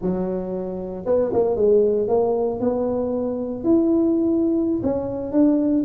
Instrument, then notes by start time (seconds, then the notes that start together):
tuba
0.01 F#3
1.05 B3
1.33 A#3
1.56 G#3
2.08 A#3
2.59 B3
3.64 E4
4.83 C#4
5.31 D4